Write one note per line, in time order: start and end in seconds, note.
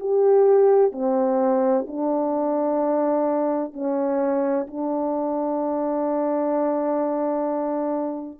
0.00 0.92 G4
0.92 1.85 C4
1.87 3.73 D4
3.73 4.67 C#4
4.67 8.39 D4